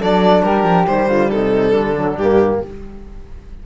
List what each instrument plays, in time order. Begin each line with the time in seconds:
0.00 cello F#3, trombone D4, flute A4, violin D5
0.42 cello G3, flute G4, violin A#4
0.63 cello F3
0.87 cello D#3, trombone G3, violin C5
1.08 cello D3, flute F4
1.30 cello C3, flute D#4, violin A4
1.72 cello D3, flute D4
1.96 trombone F#3
2.16 cello G2, violin G4
2.22 trombone A#3